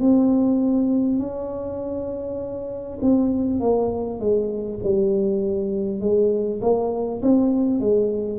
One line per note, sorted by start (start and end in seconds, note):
0.00 1.18 C4
1.18 2.98 C#4
3.01 3.59 C4
3.59 4.19 A#3
4.19 4.79 G#3
4.83 6.00 G3
6.00 6.60 G#3
6.61 7.21 A#3
7.22 7.80 C4
7.80 8.39 G#3